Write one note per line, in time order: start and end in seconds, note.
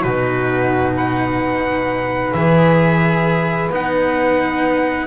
0.00 2.33 B2
0.00 2.34 D#4
0.00 0.92 F#4
0.00 0.94 B4
0.95 5.07 B4
0.95 2.33 F#5
2.33 3.69 E3
2.33 3.71 G#4
2.33 3.71 E5
3.69 5.07 B3
3.69 5.07 D#4
3.69 5.07 F#5